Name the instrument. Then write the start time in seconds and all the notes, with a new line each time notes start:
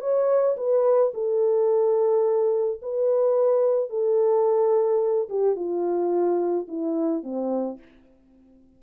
horn
0.00 C#5
0.57 B4
1.14 A4
2.82 B4
3.89 A4
5.29 G4
5.55 F4
6.68 E4
7.23 C4